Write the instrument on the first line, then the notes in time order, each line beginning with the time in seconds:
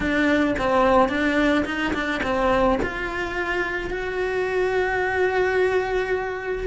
cello
0.00 D4
0.58 C4
1.08 D4
1.65 D#4
1.93 D4
2.23 C4
2.82 F4
3.90 F#4